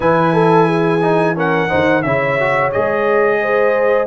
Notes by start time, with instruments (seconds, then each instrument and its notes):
0.00 tuba E3, trombone E4, horn B4, trumpet G#5
0.33 horn A4
0.66 horn G#4
1.02 trombone D#4
1.35 trombone C#4, horn A#4, trumpet F#5
1.68 tuba D#3, trombone D#4, horn C5
2.02 tuba C#3, trombone E4, horn C#5, trumpet E5
2.39 trombone F#4
2.72 tuba G#3, trombone G#4, trumpet D#5
3.41 horn C5